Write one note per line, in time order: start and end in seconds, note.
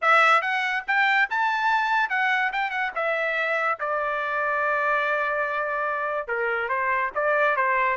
0.01 0.41 E5
0.41 0.83 F#5
0.87 1.29 G5
1.29 2.09 A5
2.09 2.51 F#5
2.52 2.70 G5
2.70 2.91 F#5
2.95 3.79 E5
3.79 6.27 D5
6.27 6.68 A#4
6.68 7.10 C5
7.14 7.56 D5
7.56 7.96 C5